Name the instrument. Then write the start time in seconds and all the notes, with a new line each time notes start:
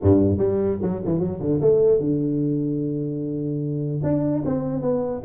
tuba
0.02 G2
0.38 G3
0.82 F#3
1.04 E3
1.19 F#3
1.39 D3
1.61 A3
2.00 D3
4.03 D4
4.45 C4
4.81 B3